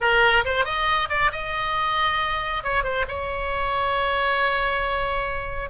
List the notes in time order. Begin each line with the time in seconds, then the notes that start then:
0.00 A#4
0.44 C5
0.65 D#5
1.09 D5
1.32 D#5
2.63 C#5
2.83 C5
3.08 C#5